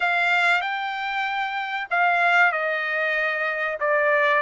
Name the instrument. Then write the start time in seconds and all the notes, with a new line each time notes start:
trumpet
0.00 F5
0.61 G5
1.90 F5
2.51 D#5
3.80 D5